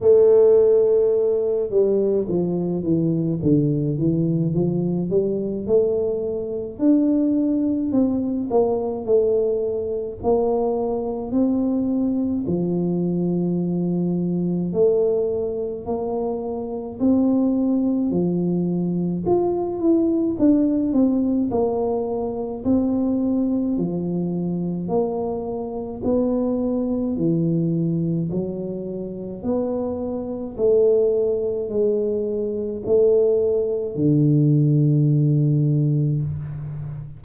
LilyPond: \new Staff \with { instrumentName = "tuba" } { \time 4/4 \tempo 4 = 53 a4. g8 f8 e8 d8 e8 | f8 g8 a4 d'4 c'8 ais8 | a4 ais4 c'4 f4~ | f4 a4 ais4 c'4 |
f4 f'8 e'8 d'8 c'8 ais4 | c'4 f4 ais4 b4 | e4 fis4 b4 a4 | gis4 a4 d2 | }